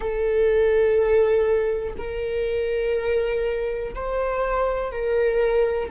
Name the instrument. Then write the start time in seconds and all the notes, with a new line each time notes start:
viola
0.00 A4
1.97 A#4
3.94 C5
4.91 A#4